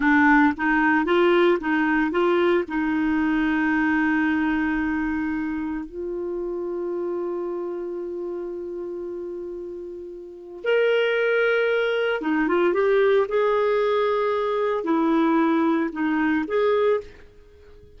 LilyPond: \new Staff \with { instrumentName = "clarinet" } { \time 4/4 \tempo 4 = 113 d'4 dis'4 f'4 dis'4 | f'4 dis'2.~ | dis'2. f'4~ | f'1~ |
f'1 | ais'2. dis'8 f'8 | g'4 gis'2. | e'2 dis'4 gis'4 | }